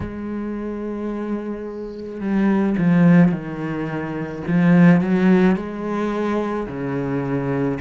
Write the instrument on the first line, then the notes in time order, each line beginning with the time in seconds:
cello
0.00 G#3
2.20 G3
2.78 F3
3.31 D#3
4.47 F3
5.01 F#3
5.56 G#3
6.67 C#3